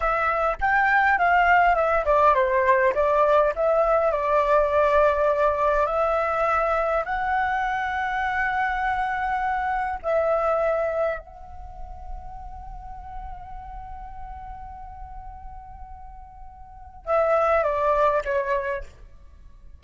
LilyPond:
\new Staff \with { instrumentName = "flute" } { \time 4/4 \tempo 4 = 102 e''4 g''4 f''4 e''8 d''8 | c''4 d''4 e''4 d''4~ | d''2 e''2 | fis''1~ |
fis''4 e''2 fis''4~ | fis''1~ | fis''1~ | fis''4 e''4 d''4 cis''4 | }